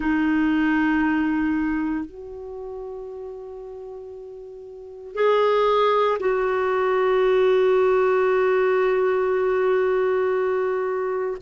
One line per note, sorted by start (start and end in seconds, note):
0.00 2.05 D#4
2.05 5.14 F#4
5.14 6.18 G#4
6.19 11.37 F#4